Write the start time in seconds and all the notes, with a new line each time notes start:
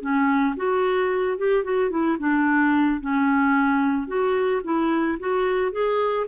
0.00 C#4
0.56 F#4
1.37 G4
1.64 F#4
1.90 E4
2.19 D4
3.00 C#4
4.07 F#4
4.63 E4
5.19 F#4
5.71 G#4